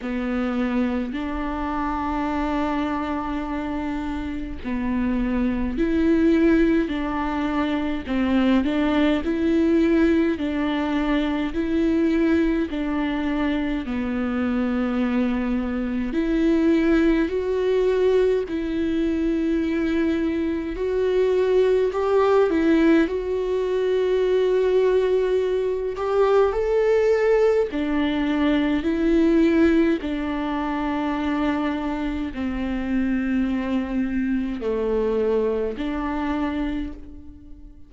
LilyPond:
\new Staff \with { instrumentName = "viola" } { \time 4/4 \tempo 4 = 52 b4 d'2. | b4 e'4 d'4 c'8 d'8 | e'4 d'4 e'4 d'4 | b2 e'4 fis'4 |
e'2 fis'4 g'8 e'8 | fis'2~ fis'8 g'8 a'4 | d'4 e'4 d'2 | c'2 a4 d'4 | }